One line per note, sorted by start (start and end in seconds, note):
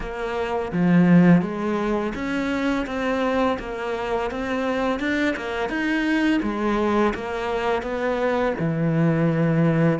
0.00 0.71 A#3
0.72 1.41 F3
1.41 2.13 G#3
2.14 2.86 C#4
2.86 3.57 C4
3.59 4.31 A#3
4.31 4.99 C4
4.99 5.35 D4
5.36 5.69 A#3
5.69 6.40 D#4
6.42 7.13 G#3
7.14 7.82 A#3
7.82 8.53 B3
8.59 9.99 E3